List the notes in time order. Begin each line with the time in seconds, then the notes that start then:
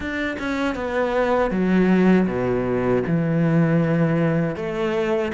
0.00 D4
0.39 C#4
0.75 B3
1.51 F#3
2.27 B2
3.07 E3
4.56 A3